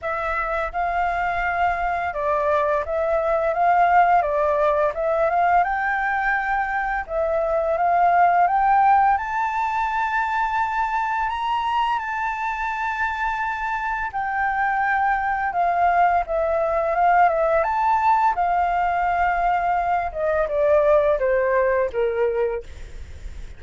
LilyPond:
\new Staff \with { instrumentName = "flute" } { \time 4/4 \tempo 4 = 85 e''4 f''2 d''4 | e''4 f''4 d''4 e''8 f''8 | g''2 e''4 f''4 | g''4 a''2. |
ais''4 a''2. | g''2 f''4 e''4 | f''8 e''8 a''4 f''2~ | f''8 dis''8 d''4 c''4 ais'4 | }